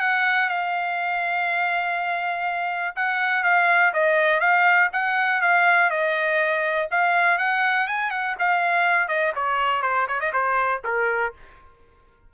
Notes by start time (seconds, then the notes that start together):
0.00 F#5
0.49 F5
2.96 F#5
3.44 F5
3.93 D#5
4.40 F5
4.93 F#5
5.42 F5
5.91 D#5
6.91 F5
7.38 F#5
7.87 G#5
8.11 F#5
8.39 F5
9.08 D#5
9.36 C#5
9.82 C5
10.08 C#5
10.20 D#5
10.33 C5
10.85 A#4